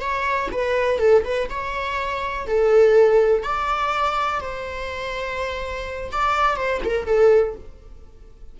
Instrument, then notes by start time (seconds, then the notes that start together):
viola
0.00 C#5
0.51 B4
0.98 A4
1.24 B4
1.49 C#5
2.46 A4
3.43 D5
4.40 C5
6.11 D5
6.56 C5
6.84 A#4
7.06 A4